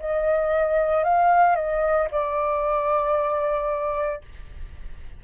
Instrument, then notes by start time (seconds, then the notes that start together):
flute
0.00 D#5
1.04 F5
1.56 D#5
2.11 D5